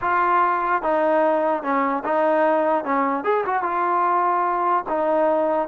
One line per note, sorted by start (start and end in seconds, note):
0.01 0.82 F4
0.82 1.62 D#4
1.62 2.03 C#4
2.04 2.84 D#4
2.84 3.24 C#4
3.24 3.44 G#4
3.45 3.62 F#4
3.62 4.84 F4
4.88 5.68 D#4